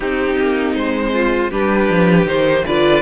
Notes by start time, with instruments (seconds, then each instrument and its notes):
0.00 cello C4, viola C4, violin D#4 G4
0.38 cello A#3
0.75 cello G#3, violin C5
1.13 violin F4
1.50 cello G3, viola D4, violin G4 B4
1.89 cello F3
2.25 cello D#3, viola D#4, violin C5
2.65 cello D3, viola F4, violin B4 D5